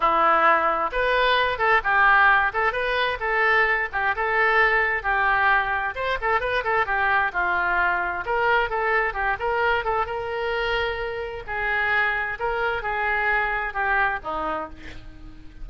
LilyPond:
\new Staff \with { instrumentName = "oboe" } { \time 4/4 \tempo 4 = 131 e'2 b'4. a'8 | g'4. a'8 b'4 a'4~ | a'8 g'8 a'2 g'4~ | g'4 c''8 a'8 b'8 a'8 g'4 |
f'2 ais'4 a'4 | g'8 ais'4 a'8 ais'2~ | ais'4 gis'2 ais'4 | gis'2 g'4 dis'4 | }